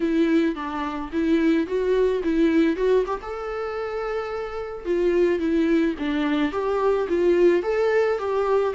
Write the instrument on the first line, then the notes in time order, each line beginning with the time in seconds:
viola
0.00 E4
0.55 D4
1.12 E4
1.66 F#4
2.23 E4
2.76 F#4
3.06 G4
3.22 A4
4.85 F4
5.39 E4
5.98 D4
6.52 G4
7.08 F4
7.62 A4
8.18 G4